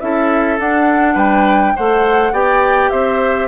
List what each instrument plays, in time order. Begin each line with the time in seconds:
0.00 bassoon C#4, clarinet E4, oboe A4, flute E5
0.58 clarinet D4, bassoon D4, flute F#5
1.15 bassoon G3, oboe B4, flute G5
1.76 bassoon A3, clarinet A4, oboe C5, flute F#5
2.32 bassoon B3, clarinet G4, oboe D5, flute G5
2.90 bassoon C4, oboe C5, flute E5